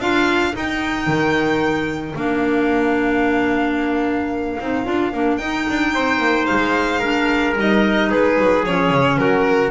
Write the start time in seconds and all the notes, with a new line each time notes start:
0.00 D4 F4 A#4 F5
0.53 D#4 G5
1.07 D#3
2.15 A#3 D4 F5
4.60 C4 D#4
4.85 D4 F4
5.13 A#3 D4
5.37 D#4 G5
5.69 D4
5.94 C4 C5
6.18 A#3
6.46 G#3 F5
7.00 D4 A#4
7.58 G3 D#4 D#5
8.10 G#3 G#4 B4
8.39 F#3
8.65 F3 C#4 C#5
8.91 C#3
9.17 F#3 F#4 A#4